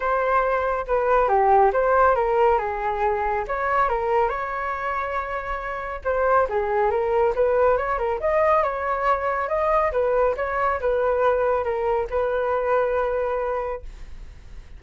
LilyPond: \new Staff \with { instrumentName = "flute" } { \time 4/4 \tempo 4 = 139 c''2 b'4 g'4 | c''4 ais'4 gis'2 | cis''4 ais'4 cis''2~ | cis''2 c''4 gis'4 |
ais'4 b'4 cis''8 ais'8 dis''4 | cis''2 dis''4 b'4 | cis''4 b'2 ais'4 | b'1 | }